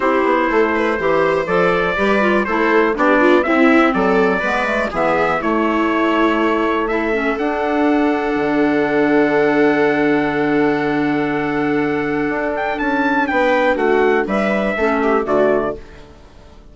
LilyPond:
<<
  \new Staff \with { instrumentName = "trumpet" } { \time 4/4 \tempo 4 = 122 c''2. d''4~ | d''4 c''4 d''4 e''4 | d''2 e''4 cis''4~ | cis''2 e''4 fis''4~ |
fis''1~ | fis''1~ | fis''4. g''8 a''4 g''4 | fis''4 e''2 d''4 | }
  \new Staff \with { instrumentName = "viola" } { \time 4/4 g'4 a'8 b'8 c''2 | b'4 a'4 g'8 f'8 e'4 | a'4 b'4 gis'4 e'4~ | e'2 a'2~ |
a'1~ | a'1~ | a'2. b'4 | fis'4 b'4 a'8 g'8 fis'4 | }
  \new Staff \with { instrumentName = "clarinet" } { \time 4/4 e'2 g'4 a'4 | g'8 f'8 e'4 d'4 c'4~ | c'4 b8 a8 b4 a4~ | a2 e'8 cis'8 d'4~ |
d'1~ | d'1~ | d'1~ | d'2 cis'4 a4 | }
  \new Staff \with { instrumentName = "bassoon" } { \time 4/4 c'8 b8 a4 e4 f4 | g4 a4 b4 c'4 | fis4 gis4 e4 a4~ | a2. d'4~ |
d'4 d2.~ | d1~ | d4 d'4 cis'4 b4 | a4 g4 a4 d4 | }
>>